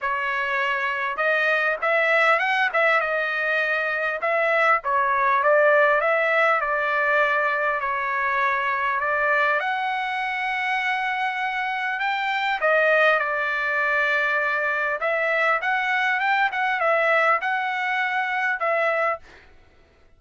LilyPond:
\new Staff \with { instrumentName = "trumpet" } { \time 4/4 \tempo 4 = 100 cis''2 dis''4 e''4 | fis''8 e''8 dis''2 e''4 | cis''4 d''4 e''4 d''4~ | d''4 cis''2 d''4 |
fis''1 | g''4 dis''4 d''2~ | d''4 e''4 fis''4 g''8 fis''8 | e''4 fis''2 e''4 | }